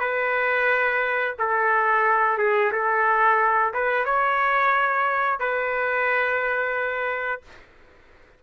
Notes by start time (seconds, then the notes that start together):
0.00 B4
1.39 A4
2.38 G#4
2.72 A4
3.73 B4
4.05 C#5
5.39 B4